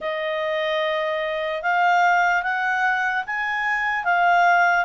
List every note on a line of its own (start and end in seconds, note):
0.00 1.62 D#5
1.62 2.43 F5
2.43 3.24 F#5
3.26 4.04 G#5
4.04 4.85 F5